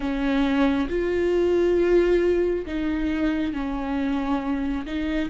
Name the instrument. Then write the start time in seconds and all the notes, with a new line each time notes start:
viola
0.00 C#4
0.89 F4
2.66 D#4
3.53 C#4
4.86 D#4